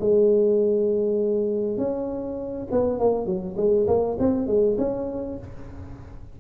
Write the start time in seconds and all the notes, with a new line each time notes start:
0.00 G#3
1.78 C#4
2.71 B3
3.00 A#3
3.26 F#3
3.57 G#3
3.87 A#3
4.19 C4
4.47 G#3
4.78 C#4